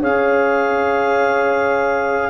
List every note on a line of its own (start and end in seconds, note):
0.00 2.29 C#4
0.00 2.29 G#4
0.00 2.29 C#5
0.00 2.29 F5